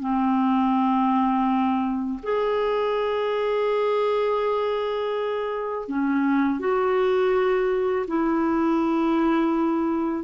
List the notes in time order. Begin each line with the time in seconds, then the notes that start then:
0.00 C4
2.24 G#4
5.89 C#4
6.60 F#4
8.08 E4